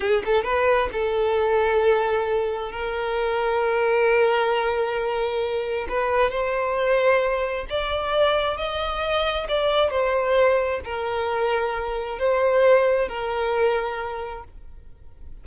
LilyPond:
\new Staff \with { instrumentName = "violin" } { \time 4/4 \tempo 4 = 133 gis'8 a'8 b'4 a'2~ | a'2 ais'2~ | ais'1~ | ais'4 b'4 c''2~ |
c''4 d''2 dis''4~ | dis''4 d''4 c''2 | ais'2. c''4~ | c''4 ais'2. | }